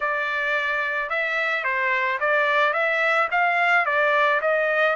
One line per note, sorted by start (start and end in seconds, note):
0.00 1.09 D5
1.09 1.63 E5
1.63 2.18 C5
2.20 2.73 D5
2.73 3.28 E5
3.31 3.85 F5
3.85 4.40 D5
4.41 4.95 D#5